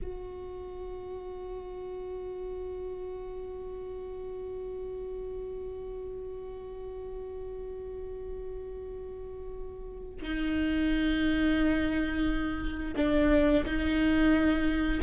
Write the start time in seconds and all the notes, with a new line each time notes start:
0.02 F#4
10.21 D#4
12.96 D4
13.65 D#4